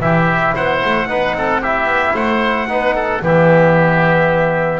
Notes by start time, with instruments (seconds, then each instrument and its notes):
0.00 double bass E3, trombone E4, oboe G4, trumpet E5
0.55 double bass B3, oboe C5, trumpet F#5
0.85 double bass A3
1.08 double bass B3, trombone D#4, oboe B4
1.33 double bass C4, oboe A4
1.61 trombone E4, oboe G4, trumpet E5
1.85 double bass B3
2.14 double bass A3, oboe C5, trumpet F#5
2.68 double bass B3, trombone D#4, oboe B4
2.95 oboe A4
3.22 double bass E3, trombone B3, oboe G4, trumpet E5